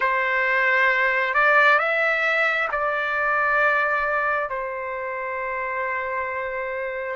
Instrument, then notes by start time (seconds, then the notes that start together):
trumpet
0.00 C5
1.34 D5
1.78 E5
2.71 D5
4.49 C5